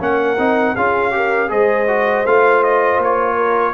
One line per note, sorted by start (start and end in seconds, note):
0.00 0.39 A#3
0.00 0.38 C#4
0.00 0.75 A#4
0.00 0.76 F#5
0.39 0.76 C4
0.39 0.76 D#4
0.75 1.51 C#4
0.75 1.12 F4
0.75 1.13 G#4
0.75 1.51 F5
1.12 1.49 G4
1.12 1.50 A#4
1.49 2.26 G#3
1.49 1.87 G#4
1.49 3.36 C5
1.49 2.26 D#5
1.88 2.25 F#4
2.27 2.99 A3
2.27 3.75 F4
2.27 2.64 F5
2.64 3.01 D#5
2.99 3.74 A#3
2.99 3.75 C#5
3.36 3.74 A#4